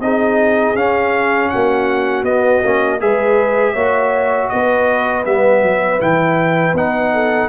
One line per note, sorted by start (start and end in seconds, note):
0.00 0.74 C4
0.00 0.75 D#4
0.00 1.51 G#4
0.00 0.76 D#5
0.74 1.49 C#4
0.74 2.25 C#4
0.74 1.49 F5
1.49 2.23 A#3
1.49 3.01 F#4
1.49 2.24 F#5
2.23 2.60 B3
2.23 2.63 B3
2.23 3.00 D#5
2.63 3.01 A#3
2.63 3.00 C#4
3.00 3.75 G#3
3.00 3.75 G#4
3.00 3.73 B4
3.00 4.49 E5
3.73 4.50 A#3
3.73 5.24 F#4
3.73 4.48 C#5
4.49 5.26 B3
4.49 7.13 B4
4.49 5.24 D#5
5.24 5.62 G3
5.24 5.99 B3
5.24 6.00 E5
5.62 6.00 F#3
5.99 6.73 E3
5.99 6.74 E4
5.99 6.76 G5
6.73 7.48 B3
6.73 7.49 D#4
6.73 7.49 F#5
7.13 7.49 A4